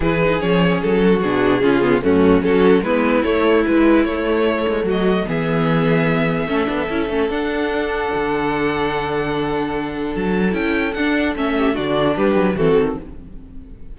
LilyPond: <<
  \new Staff \with { instrumentName = "violin" } { \time 4/4 \tempo 4 = 148 b'4 cis''4 a'4 gis'4~ | gis'4 fis'4 a'4 b'4 | cis''4 b'4 cis''2 | dis''4 e''2.~ |
e''2 fis''2~ | fis''1~ | fis''4 a''4 g''4 fis''4 | e''4 d''4 b'4 a'4 | }
  \new Staff \with { instrumentName = "violin" } { \time 4/4 gis'2~ gis'8 fis'4. | f'4 cis'4 fis'4 e'4~ | e'1 | fis'4 gis'2. |
a'1~ | a'1~ | a'1~ | a'8 g'8 fis'4 g'4 fis'4 | }
  \new Staff \with { instrumentName = "viola" } { \time 4/4 e'8 dis'8 cis'2 d'4 | cis'8 b8 a4 cis'4 b4 | a4 e4 a2~ | a4 b2. |
cis'8 d'8 e'8 cis'8 d'2~ | d'1~ | d'2 e'4 d'4 | cis'4 d'2 c'4 | }
  \new Staff \with { instrumentName = "cello" } { \time 4/4 e4 f4 fis4 b,4 | cis4 fis,4 fis4 gis4 | a4 gis4 a4. gis8 | fis4 e2. |
a8 b8 cis'8 a8 d'2 | d1~ | d4 fis4 cis'4 d'4 | a4 d4 g8 fis8 e8 dis8 | }
>>